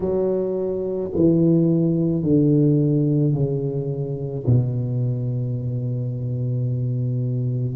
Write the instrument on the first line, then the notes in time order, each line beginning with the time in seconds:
tuba
0.00 F#3
1.15 E3
2.22 D3
3.33 C#3
4.46 B2